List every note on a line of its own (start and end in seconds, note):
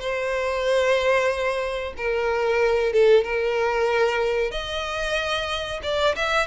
0.00 1.94 C5
1.97 2.93 A#4
2.93 3.24 A4
3.24 4.51 A#4
4.51 5.80 D#5
5.83 6.15 D5
6.16 6.47 E5